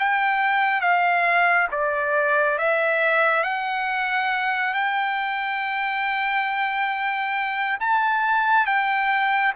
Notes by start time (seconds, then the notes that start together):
0.00 G5
0.81 F5
1.72 D5
2.58 E5
3.44 F#5
4.74 G5
7.81 A5
8.67 G5